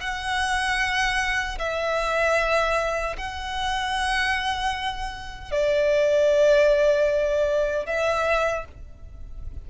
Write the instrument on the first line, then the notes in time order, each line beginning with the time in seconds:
violin
0.00 F#5
1.58 E5
3.17 F#5
5.51 D5
7.86 E5